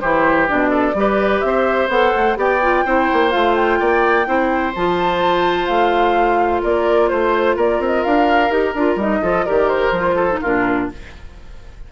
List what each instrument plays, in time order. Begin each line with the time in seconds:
0.00 bassoon E3, clarinet E4, oboe G4, flute C5
0.47 bassoon B2, clarinet D4, flute D5
0.70 oboe A4
0.94 bassoon G3, clarinet G4, oboe B4
1.40 bassoon C4, flute E5
1.46 oboe C5
1.88 bassoon B3, clarinet A4, flute F#5
2.16 bassoon A3
2.36 bassoon B3, clarinet G4, oboe D5, flute G5
2.62 clarinet F4
2.85 bassoon C4, clarinet E4, oboe C5
3.12 bassoon A#3
3.30 bassoon A3, clarinet F4, flute F5
3.55 flute G5
3.79 bassoon A#3, oboe D5
4.26 bassoon C4, clarinet E4, oboe C5
4.75 bassoon F3, clarinet F4, flute A5
5.66 bassoon A3, flute F5
6.62 bassoon A#3, oboe A#4, flute D5
7.08 bassoon A3, flute C5, oboe C5
7.56 bassoon A#3, oboe A#4, flute D5
7.80 bassoon C4, flute D#5
8.04 bassoon D4, flute F5
8.50 bassoon D#4, clarinet G4, flute A#4
8.74 bassoon D4, clarinet F4
8.96 bassoon G3, clarinet D#4, flute D#5
9.21 bassoon F3, clarinet F4, oboe A4
9.45 bassoon D#3, clarinet G4, oboe A#4, flute D5
9.68 flute C5
9.91 bassoon F3, clarinet F4
10.15 oboe A4
10.31 clarinet D#4
10.41 bassoon A#2, clarinet D4, oboe F4, flute A#4